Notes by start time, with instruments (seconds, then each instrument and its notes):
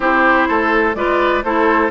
0.00 bassoon C4, clarinet E4, oboe G4, flute C5
0.48 bassoon A3, oboe A4
0.94 bassoon G#3, clarinet F4, oboe B4, flute D5
1.43 bassoon A3, clarinet E4, oboe A4, flute C5